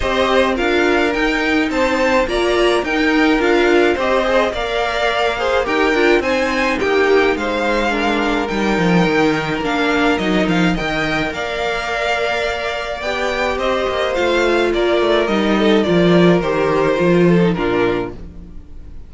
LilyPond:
<<
  \new Staff \with { instrumentName = "violin" } { \time 4/4 \tempo 4 = 106 dis''4 f''4 g''4 a''4 | ais''4 g''4 f''4 dis''4 | f''2 g''4 gis''4 | g''4 f''2 g''4~ |
g''4 f''4 dis''8 f''8 g''4 | f''2. g''4 | dis''4 f''4 d''4 dis''4 | d''4 c''2 ais'4 | }
  \new Staff \with { instrumentName = "violin" } { \time 4/4 c''4 ais'2 c''4 | d''4 ais'2 c''4 | d''4. c''8 ais'4 c''4 | g'4 c''4 ais'2~ |
ais'2. dis''4 | d''1 | c''2 ais'4. a'8 | ais'2~ ais'8 a'8 f'4 | }
  \new Staff \with { instrumentName = "viola" } { \time 4/4 g'4 f'4 dis'2 | f'4 dis'4 f'4 g'8 gis'8 | ais'4. gis'8 g'8 f'8 dis'4~ | dis'2 d'4 dis'4~ |
dis'4 d'4 dis'4 ais'4~ | ais'2. g'4~ | g'4 f'2 dis'4 | f'4 g'4 f'8. dis'16 d'4 | }
  \new Staff \with { instrumentName = "cello" } { \time 4/4 c'4 d'4 dis'4 c'4 | ais4 dis'4 d'4 c'4 | ais2 dis'8 d'8 c'4 | ais4 gis2 g8 f8 |
dis4 ais4 fis8 f8 dis4 | ais2. b4 | c'8 ais8 a4 ais8 a8 g4 | f4 dis4 f4 ais,4 | }
>>